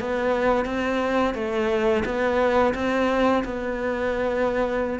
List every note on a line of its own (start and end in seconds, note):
0.00 0.66 B3
0.66 1.34 C4
1.35 2.04 A3
2.05 2.74 B3
2.75 3.44 C4
3.45 5.00 B3